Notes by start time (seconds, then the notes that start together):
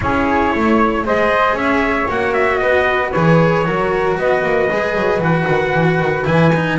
0.00 C#4 E4 G#4 C#5
0.52 A3 C#5
1.04 G#3 G#4 C5 D#5
1.53 C#4 C#5 E5
2.08 A#3 F#4 F#5
2.33 E5
2.58 B3 B4 D#5
3.11 E3 G#4 C#5
3.64 F#3 F#4 A#4
4.17 B3 B4 D#5
4.43 A#3
4.70 G#3 G#4
4.95 F#3
5.18 E3 F#4 F#5
5.47 D#3
5.73 E3
5.99 D#3
6.25 E3 E4 G#5
6.55 D#4